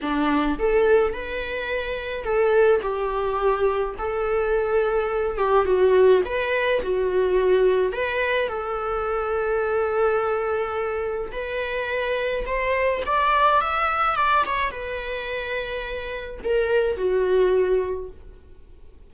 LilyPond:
\new Staff \with { instrumentName = "viola" } { \time 4/4 \tempo 4 = 106 d'4 a'4 b'2 | a'4 g'2 a'4~ | a'4. g'8 fis'4 b'4 | fis'2 b'4 a'4~ |
a'1 | b'2 c''4 d''4 | e''4 d''8 cis''8 b'2~ | b'4 ais'4 fis'2 | }